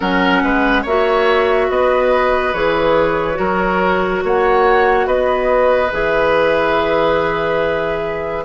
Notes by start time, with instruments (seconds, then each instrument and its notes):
0.00 bassoon F#3, clarinet C#4, oboe A#4, flute F#5
0.42 bassoon G#3, oboe B4
0.82 bassoon A#3, clarinet F#4, oboe C#5, flute E5
1.69 bassoon B3, oboe B4, flute D#5
2.53 bassoon E3, clarinet G#4, flute C#5
3.33 bassoon F#3, clarinet F#4, oboe A#4
4.23 bassoon A#3, oboe C#5, flute F#5
5.06 bassoon B3, oboe B4, flute D#5
5.92 bassoon E3, clarinet G#4, flute E5